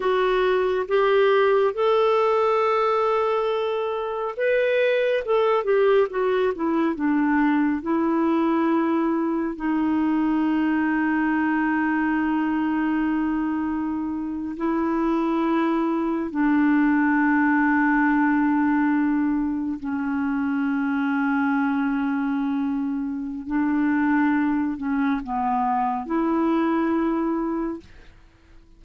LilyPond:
\new Staff \with { instrumentName = "clarinet" } { \time 4/4 \tempo 4 = 69 fis'4 g'4 a'2~ | a'4 b'4 a'8 g'8 fis'8 e'8 | d'4 e'2 dis'4~ | dis'1~ |
dis'8. e'2 d'4~ d'16~ | d'2~ d'8. cis'4~ cis'16~ | cis'2. d'4~ | d'8 cis'8 b4 e'2 | }